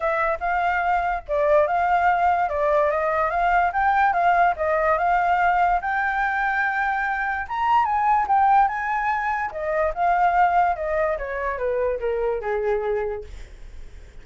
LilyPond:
\new Staff \with { instrumentName = "flute" } { \time 4/4 \tempo 4 = 145 e''4 f''2 d''4 | f''2 d''4 dis''4 | f''4 g''4 f''4 dis''4 | f''2 g''2~ |
g''2 ais''4 gis''4 | g''4 gis''2 dis''4 | f''2 dis''4 cis''4 | b'4 ais'4 gis'2 | }